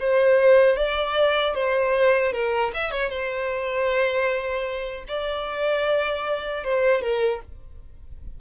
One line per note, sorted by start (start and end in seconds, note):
0.00 0.77 C5
0.77 1.55 D5
1.55 2.33 C5
2.33 2.72 A#4
2.74 2.92 E5
2.92 3.10 C#5
3.10 5.05 C5
5.09 6.64 D5
6.64 7.02 C5
7.02 7.41 A#4